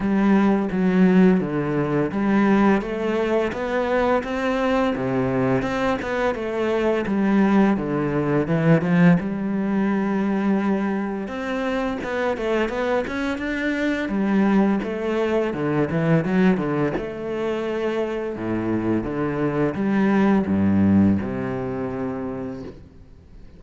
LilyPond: \new Staff \with { instrumentName = "cello" } { \time 4/4 \tempo 4 = 85 g4 fis4 d4 g4 | a4 b4 c'4 c4 | c'8 b8 a4 g4 d4 | e8 f8 g2. |
c'4 b8 a8 b8 cis'8 d'4 | g4 a4 d8 e8 fis8 d8 | a2 a,4 d4 | g4 g,4 c2 | }